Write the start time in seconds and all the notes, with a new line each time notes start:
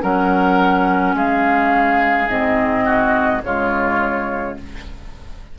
0.00 F#3 C#4 A#4 F#5
1.15 G#3 G#4 F5
2.29 G#2 C4 D#5
2.85 F#4
3.43 C#3 G#3 F4 C#5